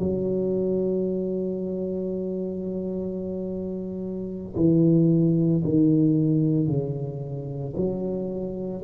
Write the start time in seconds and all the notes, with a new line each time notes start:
0.00 F#3
4.56 E3
5.64 D#3
6.67 C#3
7.76 F#3